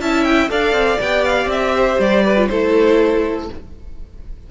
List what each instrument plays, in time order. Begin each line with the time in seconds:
0.00 cello C#4, viola E4, violin E5 A5
0.24 violin G5
0.49 cello D4, viola A4, violin D5 F5
0.72 cello C4
1.01 cello B3, viola G4, violin G5
1.24 violin F5
1.45 cello C4, violin E5
1.75 violin C5
1.99 cello G3, violin D5
2.24 violin B4
2.37 viola F4
2.48 cello A3, viola E4, violin A4 C5